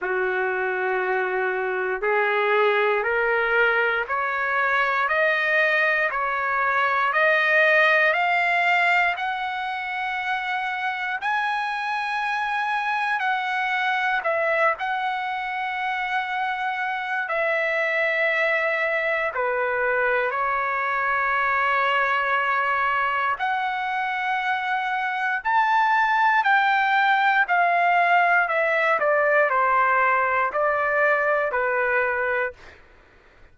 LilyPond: \new Staff \with { instrumentName = "trumpet" } { \time 4/4 \tempo 4 = 59 fis'2 gis'4 ais'4 | cis''4 dis''4 cis''4 dis''4 | f''4 fis''2 gis''4~ | gis''4 fis''4 e''8 fis''4.~ |
fis''4 e''2 b'4 | cis''2. fis''4~ | fis''4 a''4 g''4 f''4 | e''8 d''8 c''4 d''4 b'4 | }